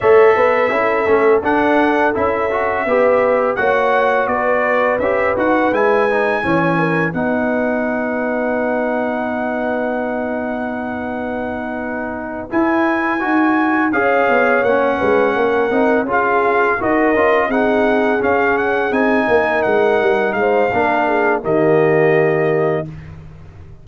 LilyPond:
<<
  \new Staff \with { instrumentName = "trumpet" } { \time 4/4 \tempo 4 = 84 e''2 fis''4 e''4~ | e''4 fis''4 d''4 e''8 fis''8 | gis''2 fis''2~ | fis''1~ |
fis''4. gis''2 f''8~ | f''8 fis''2 f''4 dis''8~ | dis''8 fis''4 f''8 fis''8 gis''4 fis''8~ | fis''8 f''4. dis''2 | }
  \new Staff \with { instrumentName = "horn" } { \time 4/4 cis''8 b'8 a'2. | b'4 cis''4 b'2~ | b'4 cis''8 ais'8 b'2~ | b'1~ |
b'2.~ b'8 cis''8~ | cis''4 b'8 ais'4 gis'4 ais'8~ | ais'8 gis'2~ gis'8 ais'4~ | ais'8 c''8 ais'8 gis'8 g'2 | }
  \new Staff \with { instrumentName = "trombone" } { \time 4/4 a'4 e'8 cis'8 d'4 e'8 fis'8 | g'4 fis'2 g'8 fis'8 | e'8 dis'8 cis'4 dis'2~ | dis'1~ |
dis'4. e'4 fis'4 gis'8~ | gis'8 cis'4. dis'8 f'4 fis'8 | f'8 dis'4 cis'4 dis'4.~ | dis'4 d'4 ais2 | }
  \new Staff \with { instrumentName = "tuba" } { \time 4/4 a8 b8 cis'8 a8 d'4 cis'4 | b4 ais4 b4 cis'8 dis'8 | gis4 e4 b2~ | b1~ |
b4. e'4 dis'4 cis'8 | b8 ais8 gis8 ais8 c'8 cis'4 dis'8 | cis'8 c'4 cis'4 c'8 ais8 gis8 | g8 gis8 ais4 dis2 | }
>>